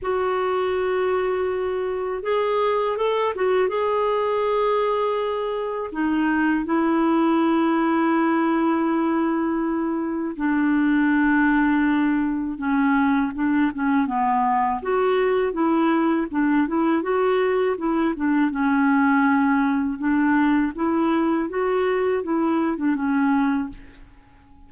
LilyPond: \new Staff \with { instrumentName = "clarinet" } { \time 4/4 \tempo 4 = 81 fis'2. gis'4 | a'8 fis'8 gis'2. | dis'4 e'2.~ | e'2 d'2~ |
d'4 cis'4 d'8 cis'8 b4 | fis'4 e'4 d'8 e'8 fis'4 | e'8 d'8 cis'2 d'4 | e'4 fis'4 e'8. d'16 cis'4 | }